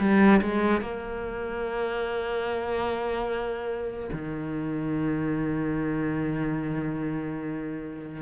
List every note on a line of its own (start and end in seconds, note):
0.00 0.41 G3
0.42 0.82 G#3
0.82 4.11 A#3
4.13 8.23 D#3